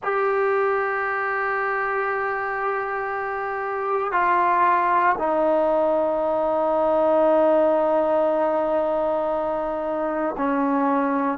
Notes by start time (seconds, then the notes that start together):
0.03 G4
4.11 F4
5.18 D#4
10.37 C#4